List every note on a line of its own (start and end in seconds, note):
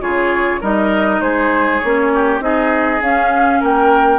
0.00 0.61 C#3
0.00 0.60 F4
0.00 0.60 G#4
0.00 0.61 C#5
0.60 1.20 G3
0.60 1.81 D#4
0.60 1.20 A#4
0.60 1.21 D#5
1.20 1.80 G#3
1.20 2.12 G#4
1.20 1.79 C5
1.79 2.40 A#3
1.79 2.40 C#4
1.79 2.39 C#5
2.14 2.43 G4
2.40 3.00 C4
2.40 3.00 D#4
2.40 3.60 G#4
2.40 3.01 D#5
3.00 3.60 C#4
3.00 4.19 C#4
3.00 3.62 F5
3.60 4.19 A#3
3.60 4.19 A#4
3.60 4.19 G5